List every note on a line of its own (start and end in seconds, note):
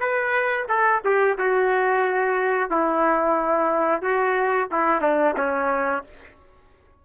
0.00 0.67 B4
0.69 1.02 A4
1.05 1.38 G4
1.38 2.71 F#4
2.71 4.02 E4
4.02 4.68 F#4
4.72 5.02 E4
5.02 5.35 D4
5.37 6.04 C#4